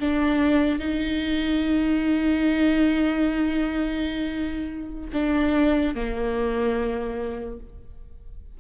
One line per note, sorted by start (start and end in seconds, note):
0.00 0.79 D4
0.79 5.10 D#4
5.13 5.95 D4
5.95 7.60 A#3